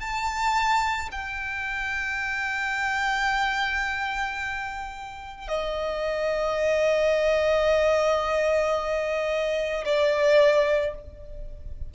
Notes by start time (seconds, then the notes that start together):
0.00 A5
1.12 G5
5.48 D#5
9.85 D5